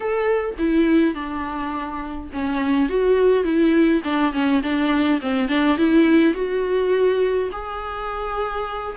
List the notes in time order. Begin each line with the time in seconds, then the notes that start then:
0.00 A4
0.58 E4
1.14 D4
2.32 C#4
2.89 F#4
3.44 E4
4.04 D4
4.32 C#4
4.62 D4
5.21 C4
5.48 D4
5.77 E4
6.34 F#4
7.52 G#4